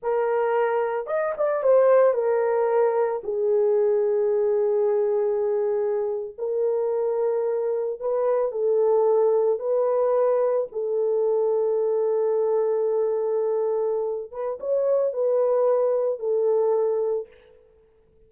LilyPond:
\new Staff \with { instrumentName = "horn" } { \time 4/4 \tempo 4 = 111 ais'2 dis''8 d''8 c''4 | ais'2 gis'2~ | gis'2.~ gis'8. ais'16~ | ais'2~ ais'8. b'4 a'16~ |
a'4.~ a'16 b'2 a'16~ | a'1~ | a'2~ a'8 b'8 cis''4 | b'2 a'2 | }